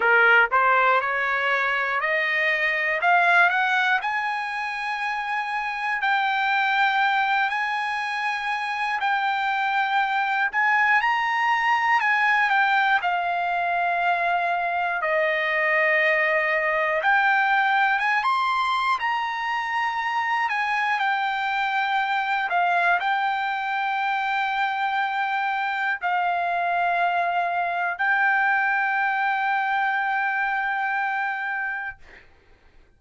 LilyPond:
\new Staff \with { instrumentName = "trumpet" } { \time 4/4 \tempo 4 = 60 ais'8 c''8 cis''4 dis''4 f''8 fis''8 | gis''2 g''4. gis''8~ | gis''4 g''4. gis''8 ais''4 | gis''8 g''8 f''2 dis''4~ |
dis''4 g''4 gis''16 c'''8. ais''4~ | ais''8 gis''8 g''4. f''8 g''4~ | g''2 f''2 | g''1 | }